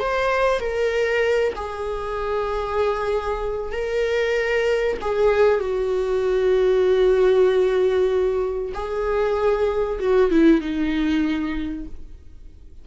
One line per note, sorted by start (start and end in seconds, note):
0.00 0.60 C5
0.60 1.54 A#4
1.56 3.73 G#4
3.73 4.98 A#4
5.02 5.61 G#4
5.61 8.73 F#4
8.74 9.99 G#4
10.00 10.31 F#4
10.31 10.61 E4
10.61 11.86 D#4